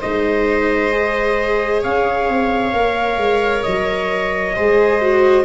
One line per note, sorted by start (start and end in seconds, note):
0.00 1.84 G#3
0.00 0.91 D#4
0.00 1.81 C5
0.00 1.83 D#5
0.91 2.73 G#4
1.81 2.29 C#4
1.81 4.54 C#5
1.81 3.63 F5
2.29 2.73 C4
2.73 3.17 A#3
2.73 4.55 A#4
3.17 3.63 G#3
3.63 4.57 F#3
3.63 5.45 D#5
4.55 5.45 G#3
4.55 5.01 G#4
4.55 5.45 C5
5.01 5.45 F#4